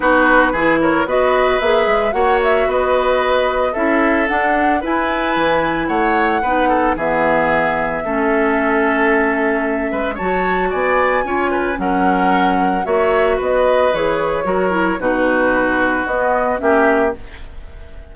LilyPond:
<<
  \new Staff \with { instrumentName = "flute" } { \time 4/4 \tempo 4 = 112 b'4. cis''8 dis''4 e''4 | fis''8 e''8 dis''2 e''4 | fis''4 gis''2 fis''4~ | fis''4 e''2.~ |
e''2. a''4 | gis''2 fis''2 | e''4 dis''4 cis''2 | b'2 dis''4 e''4 | }
  \new Staff \with { instrumentName = "oboe" } { \time 4/4 fis'4 gis'8 ais'8 b'2 | cis''4 b'2 a'4~ | a'4 b'2 cis''4 | b'8 a'8 gis'2 a'4~ |
a'2~ a'8 b'8 cis''4 | d''4 cis''8 b'8 ais'2 | cis''4 b'2 ais'4 | fis'2. g'4 | }
  \new Staff \with { instrumentName = "clarinet" } { \time 4/4 dis'4 e'4 fis'4 gis'4 | fis'2. e'4 | d'4 e'2. | dis'4 b2 cis'4~ |
cis'2. fis'4~ | fis'4 f'4 cis'2 | fis'2 gis'4 fis'8 e'8 | dis'2 b4 cis'4 | }
  \new Staff \with { instrumentName = "bassoon" } { \time 4/4 b4 e4 b4 ais8 gis8 | ais4 b2 cis'4 | d'4 e'4 e4 a4 | b4 e2 a4~ |
a2~ a8 gis8 fis4 | b4 cis'4 fis2 | ais4 b4 e4 fis4 | b,2 b4 ais4 | }
>>